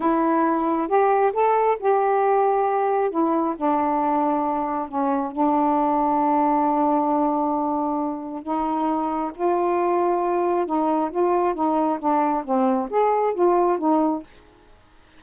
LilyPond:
\new Staff \with { instrumentName = "saxophone" } { \time 4/4 \tempo 4 = 135 e'2 g'4 a'4 | g'2. e'4 | d'2. cis'4 | d'1~ |
d'2. dis'4~ | dis'4 f'2. | dis'4 f'4 dis'4 d'4 | c'4 gis'4 f'4 dis'4 | }